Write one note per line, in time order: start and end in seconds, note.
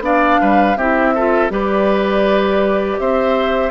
0.00 0.37 B3
0.00 0.76 D4
0.00 0.41 D5
0.00 0.77 F5
0.41 0.76 G3
0.41 0.77 B4
0.76 1.50 C4
0.76 1.17 E4
0.76 1.14 G4
0.76 1.51 E5
1.15 1.50 F4
1.15 1.52 A4
1.50 2.98 G3
1.50 3.71 G4
1.50 3.00 B4
1.50 2.99 D5
2.99 3.71 C4
2.99 3.71 C5
2.99 3.71 E5